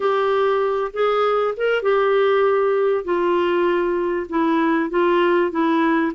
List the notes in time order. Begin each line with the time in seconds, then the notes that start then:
0.00 G4
0.93 G#4
1.56 A#4
1.82 G4
3.04 F4
4.29 E4
4.90 F4
5.51 E4